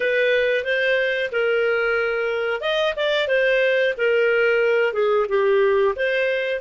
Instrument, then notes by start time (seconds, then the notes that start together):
clarinet
0.00 B4
0.64 C5
1.32 A#4
2.60 D#5
2.96 D5
3.28 C5
3.97 A#4
4.93 G#4
5.28 G4
5.96 C5